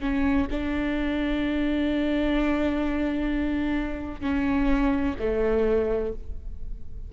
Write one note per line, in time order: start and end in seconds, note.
0.00 0.47 C#4
0.50 4.21 D4
4.21 5.14 C#4
5.19 6.13 A3